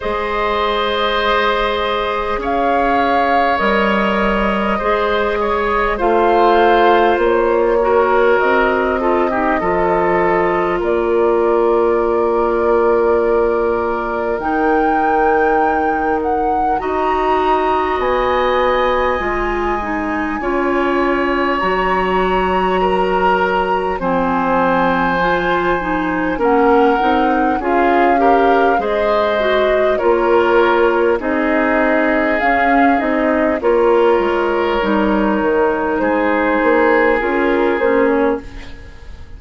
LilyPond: <<
  \new Staff \with { instrumentName = "flute" } { \time 4/4 \tempo 4 = 50 dis''2 f''4 dis''4~ | dis''4 f''4 cis''4 dis''4~ | dis''4 d''2. | g''4. fis''8 ais''4 gis''4~ |
gis''2 ais''2 | gis''2 fis''4 f''4 | dis''4 cis''4 dis''4 f''8 dis''8 | cis''2 c''4 ais'8 c''16 cis''16 | }
  \new Staff \with { instrumentName = "oboe" } { \time 4/4 c''2 cis''2 | c''8 cis''8 c''4. ais'4 a'16 g'16 | a'4 ais'2.~ | ais'2 dis''2~ |
dis''4 cis''2 ais'4 | c''2 ais'4 gis'8 ais'8 | c''4 ais'4 gis'2 | ais'2 gis'2 | }
  \new Staff \with { instrumentName = "clarinet" } { \time 4/4 gis'2. ais'4 | gis'4 f'4. fis'4 f'16 dis'16 | f'1 | dis'2 fis'2 |
f'8 dis'8 f'4 fis'2 | c'4 f'8 dis'8 cis'8 dis'8 f'8 g'8 | gis'8 fis'8 f'4 dis'4 cis'8 dis'8 | f'4 dis'2 f'8 cis'8 | }
  \new Staff \with { instrumentName = "bassoon" } { \time 4/4 gis2 cis'4 g4 | gis4 a4 ais4 c'4 | f4 ais2. | dis2 dis'4 b4 |
gis4 cis'4 fis2 | f2 ais8 c'8 cis'4 | gis4 ais4 c'4 cis'8 c'8 | ais8 gis8 g8 dis8 gis8 ais8 cis'8 ais8 | }
>>